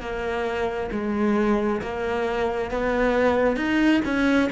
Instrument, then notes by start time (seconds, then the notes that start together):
cello
0.00 A#3
0.91 G#3
1.82 A#3
2.70 B3
3.56 D#4
4.05 C#4